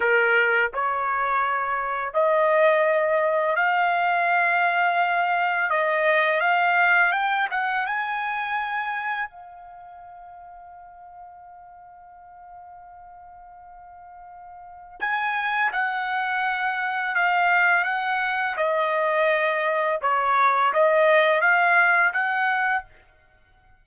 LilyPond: \new Staff \with { instrumentName = "trumpet" } { \time 4/4 \tempo 4 = 84 ais'4 cis''2 dis''4~ | dis''4 f''2. | dis''4 f''4 g''8 fis''8 gis''4~ | gis''4 f''2.~ |
f''1~ | f''4 gis''4 fis''2 | f''4 fis''4 dis''2 | cis''4 dis''4 f''4 fis''4 | }